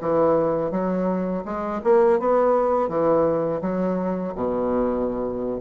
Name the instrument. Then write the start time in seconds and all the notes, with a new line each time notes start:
bassoon
0.00 E3
0.71 F#3
1.45 G#3
1.84 A#3
2.19 B3
2.88 E3
3.61 F#3
4.35 B2